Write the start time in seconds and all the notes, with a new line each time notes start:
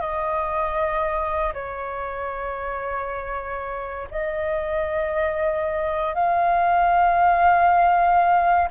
0.00 D#5
1.53 C#5
4.10 D#5
6.14 F5